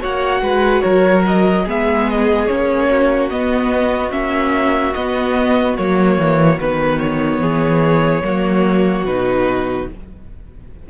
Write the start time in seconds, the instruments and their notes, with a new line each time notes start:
0.00 cello A#3, viola F#4, violin C#5 F#5
0.41 cello G#3, violin B4
0.82 cello F#3, violin A#4 C#5
1.27 violin D#5
1.64 cello G#3, viola B3, violin G#4 E5
2.10 violin D#5
2.47 cello A#3, viola C#4, violin C#5
2.90 violin F#4
3.30 viola B3, cello B3, violin D#5
4.11 cello A#3, viola C#4, violin E5
4.94 viola B3, cello B3, violin D#5
5.77 cello F#3, viola A#3, violin C#5
6.17 cello E3
6.60 cello D#3, viola B3, violin B4
6.99 violin C#5
7.39 cello E3, violin G#4
8.23 cello F#3, viola A#3, violin F#4
9.04 cello B2, viola D#4, violin B4